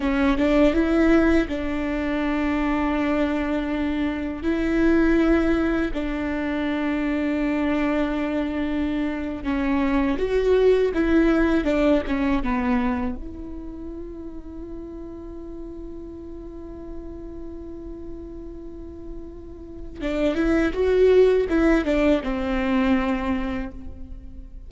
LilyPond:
\new Staff \with { instrumentName = "viola" } { \time 4/4 \tempo 4 = 81 cis'8 d'8 e'4 d'2~ | d'2 e'2 | d'1~ | d'8. cis'4 fis'4 e'4 d'16~ |
d'16 cis'8 b4 e'2~ e'16~ | e'1~ | e'2. d'8 e'8 | fis'4 e'8 d'8 c'2 | }